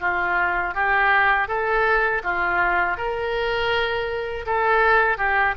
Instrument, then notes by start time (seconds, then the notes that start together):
oboe
0.00 F4
0.74 G4
1.48 A4
2.23 F4
2.97 A#4
4.46 A4
5.18 G4